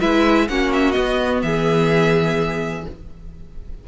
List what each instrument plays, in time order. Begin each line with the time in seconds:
0.00 cello G#3, viola E4, violin B4 E5
0.47 cello A#3, viola C#4, violin F#4 F#5
0.72 violin E5
0.91 viola B3, cello B3, violin D#5
1.42 cello E3, violin G#4 E5